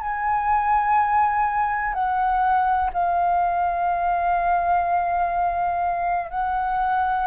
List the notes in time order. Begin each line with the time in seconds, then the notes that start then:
0.00 G#5
1.93 F#5
2.93 F5
6.30 F#5